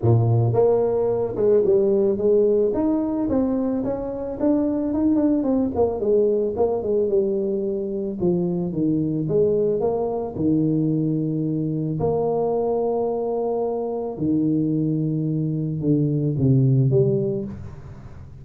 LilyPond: \new Staff \with { instrumentName = "tuba" } { \time 4/4 \tempo 4 = 110 ais,4 ais4. gis8 g4 | gis4 dis'4 c'4 cis'4 | d'4 dis'8 d'8 c'8 ais8 gis4 | ais8 gis8 g2 f4 |
dis4 gis4 ais4 dis4~ | dis2 ais2~ | ais2 dis2~ | dis4 d4 c4 g4 | }